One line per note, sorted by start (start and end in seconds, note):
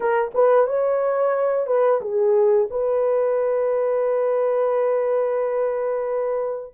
0.00 0.31 A#4
0.34 0.66 B4
0.66 1.67 C#5
1.67 2.00 B4
2.01 2.68 G#4
2.70 6.74 B4